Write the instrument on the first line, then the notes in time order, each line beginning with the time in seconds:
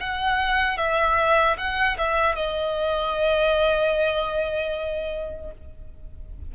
violin
0.00 F#5
0.78 E5
1.58 F#5
1.97 E5
2.35 D#5